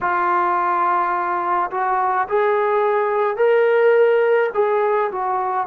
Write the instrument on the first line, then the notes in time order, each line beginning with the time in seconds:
trombone
0.00 F4
1.70 F#4
2.28 G#4
3.37 A#4
4.54 G#4
5.11 F#4